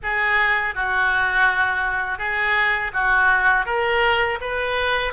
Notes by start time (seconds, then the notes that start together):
0.02 G#4
0.75 F#4
2.18 G#4
2.93 F#4
3.66 A#4
4.40 B4